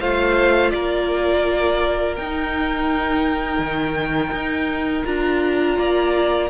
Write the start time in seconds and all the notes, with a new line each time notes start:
0.00 A3 F4 C5 F5
0.70 A#3 A#4 D5
2.16 D#4 G5
3.59 D#3
4.32 D#4
5.04 D4 F4 A#5
5.78 A#3 D5